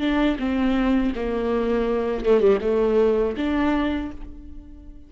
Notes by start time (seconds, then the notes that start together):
0.00 D4
0.39 C4
1.15 A#3
2.26 A3
2.40 G3
2.61 A3
3.37 D4